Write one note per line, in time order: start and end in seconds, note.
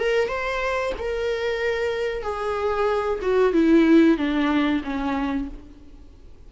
0.00 0.28 A#4
0.28 0.93 C5
0.99 2.23 A#4
2.23 3.19 G#4
3.22 3.53 F#4
3.53 4.18 E4
4.18 4.82 D4
4.84 5.48 C#4